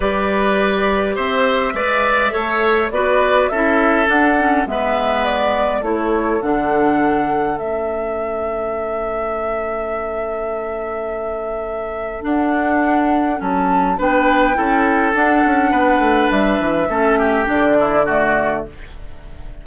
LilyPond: <<
  \new Staff \with { instrumentName = "flute" } { \time 4/4 \tempo 4 = 103 d''2 e''2~ | e''4 d''4 e''4 fis''4 | e''4 d''4 cis''4 fis''4~ | fis''4 e''2.~ |
e''1~ | e''4 fis''2 a''4 | g''2 fis''2 | e''2 d''2 | }
  \new Staff \with { instrumentName = "oboe" } { \time 4/4 b'2 c''4 d''4 | cis''4 b'4 a'2 | b'2 a'2~ | a'1~ |
a'1~ | a'1 | b'4 a'2 b'4~ | b'4 a'8 g'4 e'8 fis'4 | }
  \new Staff \with { instrumentName = "clarinet" } { \time 4/4 g'2. b'4 | a'4 fis'4 e'4 d'8 cis'8 | b2 e'4 d'4~ | d'4 cis'2.~ |
cis'1~ | cis'4 d'2 cis'4 | d'4 e'4 d'2~ | d'4 cis'4 d'4 a4 | }
  \new Staff \with { instrumentName = "bassoon" } { \time 4/4 g2 c'4 gis4 | a4 b4 cis'4 d'4 | gis2 a4 d4~ | d4 a2.~ |
a1~ | a4 d'2 fis4 | b4 cis'4 d'8 cis'8 b8 a8 | g8 e8 a4 d2 | }
>>